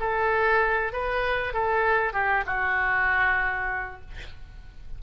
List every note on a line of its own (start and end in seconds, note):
0.00 0.93 A4
0.93 1.54 B4
1.54 2.13 A4
2.13 2.44 G4
2.46 4.01 F#4